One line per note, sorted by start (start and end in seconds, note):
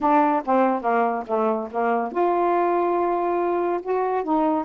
0.00 0.42 D4
0.45 0.81 C4
0.81 1.23 A#3
1.26 1.68 A3
1.71 2.11 A#3
2.11 3.80 F4
3.82 4.23 F#4
4.23 4.64 D#4